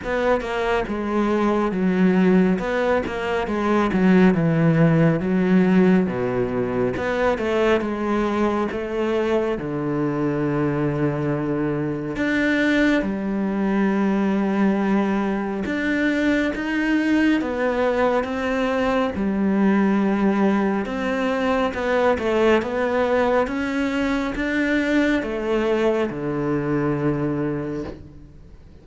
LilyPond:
\new Staff \with { instrumentName = "cello" } { \time 4/4 \tempo 4 = 69 b8 ais8 gis4 fis4 b8 ais8 | gis8 fis8 e4 fis4 b,4 | b8 a8 gis4 a4 d4~ | d2 d'4 g4~ |
g2 d'4 dis'4 | b4 c'4 g2 | c'4 b8 a8 b4 cis'4 | d'4 a4 d2 | }